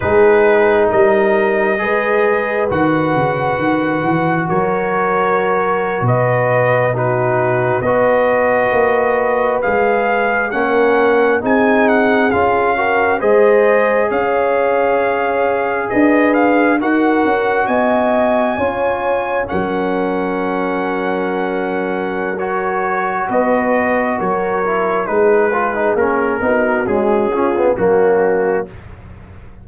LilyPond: <<
  \new Staff \with { instrumentName = "trumpet" } { \time 4/4 \tempo 4 = 67 b'4 dis''2 fis''4~ | fis''4 cis''4.~ cis''16 dis''4 b'16~ | b'8. dis''2 f''4 fis''16~ | fis''8. gis''8 fis''8 f''4 dis''4 f''16~ |
f''4.~ f''16 dis''8 f''8 fis''4 gis''16~ | gis''4.~ gis''16 fis''2~ fis''16~ | fis''4 cis''4 dis''4 cis''4 | b'4 ais'4 gis'4 fis'4 | }
  \new Staff \with { instrumentName = "horn" } { \time 4/4 gis'4 ais'4 b'2~ | b'4 ais'4.~ ais'16 b'4 fis'16~ | fis'8. b'2. ais'16~ | ais'8. gis'4. ais'8 c''4 cis''16~ |
cis''4.~ cis''16 b'4 ais'4 dis''16~ | dis''8. cis''4 ais'2~ ais'16~ | ais'2 b'4 ais'4 | gis'4. fis'4 f'8 cis'4 | }
  \new Staff \with { instrumentName = "trombone" } { \time 4/4 dis'2 gis'4 fis'4~ | fis'2.~ fis'8. dis'16~ | dis'8. fis'2 gis'4 cis'16~ | cis'8. dis'4 f'8 fis'8 gis'4~ gis'16~ |
gis'2~ gis'8. fis'4~ fis'16~ | fis'8. f'4 cis'2~ cis'16~ | cis'4 fis'2~ fis'8 e'8 | dis'8 f'16 dis'16 cis'8 dis'8 gis8 cis'16 b16 ais4 | }
  \new Staff \with { instrumentName = "tuba" } { \time 4/4 gis4 g4 gis4 dis8 cis8 | dis8 e8 fis4.~ fis16 b,4~ b,16~ | b,8. b4 ais4 gis4 ais16~ | ais8. c'4 cis'4 gis4 cis'16~ |
cis'4.~ cis'16 d'4 dis'8 cis'8 b16~ | b8. cis'4 fis2~ fis16~ | fis2 b4 fis4 | gis4 ais8 b8 cis'4 fis4 | }
>>